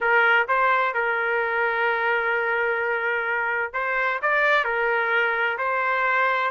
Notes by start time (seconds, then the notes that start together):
0.00 A#4
0.48 C5
0.94 A#4
3.73 C5
4.22 D5
4.64 A#4
5.58 C5